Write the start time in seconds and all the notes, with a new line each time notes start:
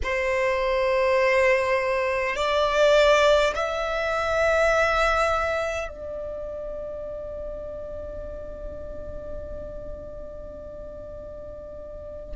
0.03 C5
2.35 D5
3.55 E5
5.88 D5